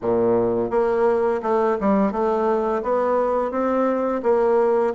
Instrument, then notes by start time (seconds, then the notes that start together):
bassoon
0.01 A#2
0.70 A#3
1.42 A3
1.80 G3
2.11 A3
2.82 B3
3.51 C4
4.23 A#3